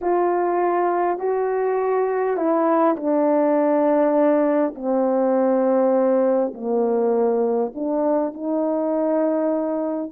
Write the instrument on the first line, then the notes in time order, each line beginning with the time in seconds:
horn
0.01 F4
1.18 F#4
2.36 E4
2.96 D4
4.75 C4
6.53 A#3
7.74 D4
8.33 D#4